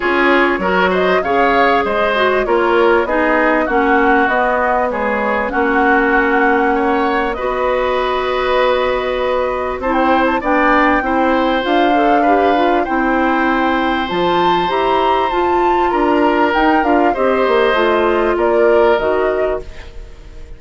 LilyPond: <<
  \new Staff \with { instrumentName = "flute" } { \time 4/4 \tempo 4 = 98 cis''4. dis''8 f''4 dis''4 | cis''4 dis''4 fis''4 dis''4 | cis''4 fis''2. | dis''1 |
a''16 g''8 a''16 g''2 f''4~ | f''4 g''2 a''4 | ais''4 a''4 ais''4 g''8 f''8 | dis''2 d''4 dis''4 | }
  \new Staff \with { instrumentName = "oboe" } { \time 4/4 gis'4 ais'8 c''8 cis''4 c''4 | ais'4 gis'4 fis'2 | gis'4 fis'2 cis''4 | b'1 |
c''4 d''4 c''2 | b'4 c''2.~ | c''2 ais'2 | c''2 ais'2 | }
  \new Staff \with { instrumentName = "clarinet" } { \time 4/4 f'4 fis'4 gis'4. fis'8 | f'4 dis'4 cis'4 b4 | gis4 cis'2. | fis'1 |
e'4 d'4 e'4 f'8 a'8 | g'8 f'8 e'2 f'4 | g'4 f'2 dis'8 f'8 | g'4 f'2 fis'4 | }
  \new Staff \with { instrumentName = "bassoon" } { \time 4/4 cis'4 fis4 cis4 gis4 | ais4 b4 ais4 b4~ | b4 ais2. | b1 |
c'4 b4 c'4 d'4~ | d'4 c'2 f4 | e'4 f'4 d'4 dis'8 d'8 | c'8 ais8 a4 ais4 dis4 | }
>>